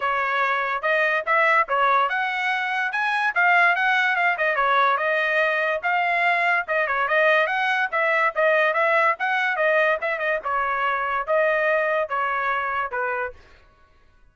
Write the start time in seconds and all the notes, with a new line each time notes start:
0.00 C#5
0.81 D#5
1.25 E5
1.68 C#5
2.09 F#5
2.92 G#5
3.34 F5
3.75 F#5
4.16 F5
4.37 D#5
4.55 C#5
4.97 D#5
5.82 F5
6.67 D#5
6.87 C#5
7.07 D#5
7.47 F#5
7.91 E5
8.35 D#5
8.73 E5
9.19 F#5
9.56 D#5
10.01 E5
10.19 D#5
10.44 C#5
11.26 D#5
12.08 C#5
12.91 B4